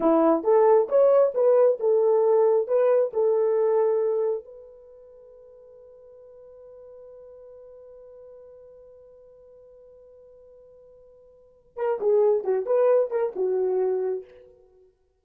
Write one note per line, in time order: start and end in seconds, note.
0.00 0.43 E4
0.43 0.88 A4
0.88 1.33 C#5
1.34 1.78 B4
1.79 2.67 A4
2.67 3.12 B4
3.13 4.44 A4
4.44 11.77 B4
11.77 11.99 A#4
12.00 12.43 G#4
12.43 12.66 F#4
12.66 13.10 B4
13.10 13.32 A#4
13.35 14.24 F#4